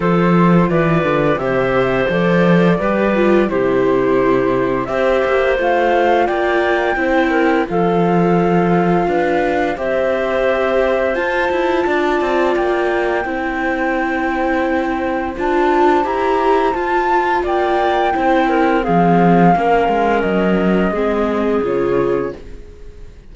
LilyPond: <<
  \new Staff \with { instrumentName = "flute" } { \time 4/4 \tempo 4 = 86 c''4 d''4 e''4 d''4~ | d''4 c''2 e''4 | f''4 g''2 f''4~ | f''2 e''2 |
a''2 g''2~ | g''2 a''4 ais''4 | a''4 g''2 f''4~ | f''4 dis''2 cis''4 | }
  \new Staff \with { instrumentName = "clarinet" } { \time 4/4 a'4 b'4 c''2 | b'4 g'2 c''4~ | c''4 d''4 c''8 ais'8 a'4~ | a'4 b'4 c''2~ |
c''4 d''2 c''4~ | c''1~ | c''4 d''4 c''8 ais'8 gis'4 | ais'2 gis'2 | }
  \new Staff \with { instrumentName = "viola" } { \time 4/4 f'2 g'4 a'4 | g'8 f'8 e'2 g'4 | f'2 e'4 f'4~ | f'2 g'2 |
f'2. e'4~ | e'2 f'4 g'4 | f'2 e'4 c'4 | cis'2 c'4 f'4 | }
  \new Staff \with { instrumentName = "cello" } { \time 4/4 f4 e8 d8 c4 f4 | g4 c2 c'8 ais8 | a4 ais4 c'4 f4~ | f4 d'4 c'2 |
f'8 e'8 d'8 c'8 ais4 c'4~ | c'2 d'4 e'4 | f'4 ais4 c'4 f4 | ais8 gis8 fis4 gis4 cis4 | }
>>